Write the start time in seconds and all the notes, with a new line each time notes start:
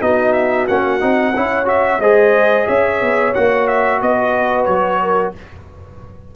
0.00 B3 D#4 F#4 D#5
0.33 E5
0.67 A#3 C#4 F#5
1.00 C4 D#4
1.36 C#4 E4 C#5
1.66 F#4 E5
2.00 G#3 G#4 C5 D#5
2.67 C#4 C#5 E5
3.02 B3
3.34 A#3 F#4 F#5
3.67 E5
4.02 B3 B4 D#5
4.65 F#3 C#5
5.02 A#4